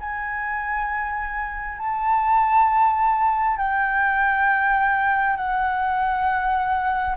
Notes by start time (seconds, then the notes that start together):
0.00 G#5
1.78 A5
3.57 G5
5.36 F#5